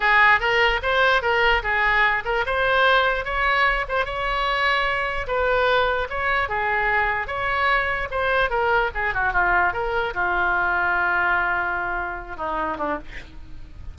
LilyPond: \new Staff \with { instrumentName = "oboe" } { \time 4/4 \tempo 4 = 148 gis'4 ais'4 c''4 ais'4 | gis'4. ais'8 c''2 | cis''4. c''8 cis''2~ | cis''4 b'2 cis''4 |
gis'2 cis''2 | c''4 ais'4 gis'8 fis'8 f'4 | ais'4 f'2.~ | f'2~ f'8 dis'4 d'8 | }